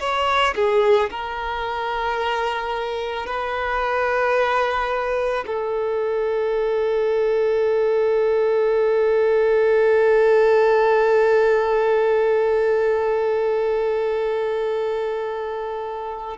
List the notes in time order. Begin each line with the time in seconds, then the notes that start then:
0.00 C#5
0.56 G#4
1.11 A#4
3.26 B4
5.47 A4